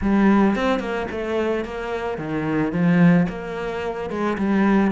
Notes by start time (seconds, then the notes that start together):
0.01 G3
0.55 C4
0.79 A#3
1.11 A3
1.64 A#3
2.18 D#3
2.72 F3
3.28 A#3
4.09 G#3
4.38 G3